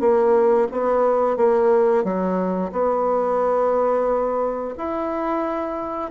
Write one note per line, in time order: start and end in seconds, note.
0.00 0.67 A#3
0.71 1.37 B3
1.37 2.04 A#3
2.04 2.71 F#3
2.72 4.74 B3
4.77 6.11 E4